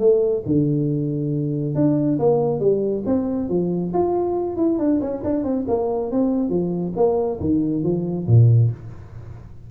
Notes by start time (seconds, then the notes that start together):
0.00 A3
0.46 D3
1.75 D4
2.19 A#3
2.60 G3
3.06 C4
3.49 F3
3.94 F4
4.57 E4
4.79 D4
5.02 C#4
5.24 D4
5.44 C4
5.68 A#3
6.12 C4
6.50 F3
6.96 A#3
7.41 D#3
7.84 F3
8.28 A#2